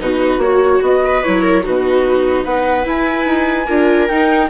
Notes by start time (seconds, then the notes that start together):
0.00 B2 D#4 F#4 B4
0.38 A#3 F#4 C#5
0.82 B3 D#5
1.04 B4
1.23 F#3 E4 C#5
1.43 A#4
1.63 B2 D#4 F#4 B4
2.44 B3 B4 F#5
2.84 E4 G#5
3.26 D#4
3.67 D4 F4 A#4
4.08 D#4 G5